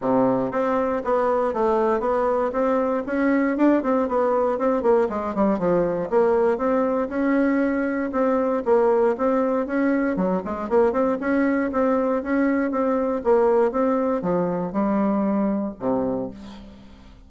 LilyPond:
\new Staff \with { instrumentName = "bassoon" } { \time 4/4 \tempo 4 = 118 c4 c'4 b4 a4 | b4 c'4 cis'4 d'8 c'8 | b4 c'8 ais8 gis8 g8 f4 | ais4 c'4 cis'2 |
c'4 ais4 c'4 cis'4 | fis8 gis8 ais8 c'8 cis'4 c'4 | cis'4 c'4 ais4 c'4 | f4 g2 c4 | }